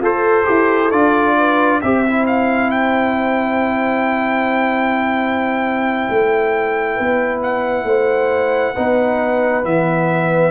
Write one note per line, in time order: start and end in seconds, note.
0.00 0.45 F4
0.00 1.37 A4
0.00 0.45 A4
0.00 0.91 C5
0.45 0.92 E4
0.45 0.89 G4
0.91 1.81 D4
0.91 1.81 F4
0.91 1.80 D5
1.38 1.80 B4
1.80 6.08 C4
1.80 2.06 G4
1.80 6.95 C5
1.80 2.26 E5
2.07 8.76 E4
2.26 2.71 F5
2.71 7.41 G5
6.09 6.99 A3
6.95 7.84 B3
6.95 7.84 B4
7.43 9.65 F#5
7.84 8.73 A3
7.84 8.74 C5
8.74 9.64 B3
8.74 9.63 D#4
8.74 10.51 B4
9.63 10.51 E3
9.63 10.51 B3
9.63 10.51 E5